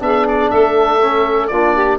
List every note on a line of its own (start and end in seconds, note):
0.00 0.51 B3
0.00 1.00 D4
0.00 0.51 G#4
0.00 0.28 E5
0.28 0.51 D5
0.51 1.52 A3
0.51 1.50 A4
0.51 1.48 E5
1.01 1.51 C#4
1.48 1.99 A#3
1.48 1.99 D4
1.48 1.75 F4
1.48 1.98 D5
1.76 1.99 G4